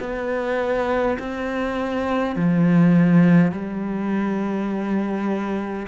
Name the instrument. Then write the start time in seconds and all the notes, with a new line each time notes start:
cello
0.00 B3
1.19 C4
2.36 F3
3.52 G3